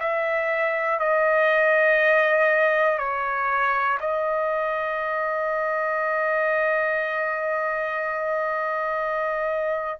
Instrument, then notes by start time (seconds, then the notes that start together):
trumpet
0.00 E5
1.00 D#5
2.98 C#5
4.00 D#5